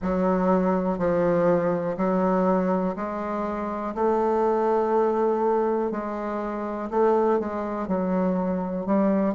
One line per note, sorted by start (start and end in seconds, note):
0.02 0.98 F#3
0.98 1.96 F3
1.97 2.95 F#3
2.96 3.94 G#3
3.94 5.91 A3
5.91 6.89 G#3
6.90 7.39 A3
7.39 7.87 G#3
7.87 8.85 F#3
8.86 9.34 G3